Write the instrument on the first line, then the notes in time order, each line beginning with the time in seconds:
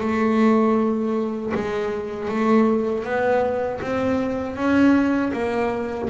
double bass
0.00 A3
1.54 G#3
2.29 A3
3.04 B3
3.81 C4
4.56 C#4
5.33 A#3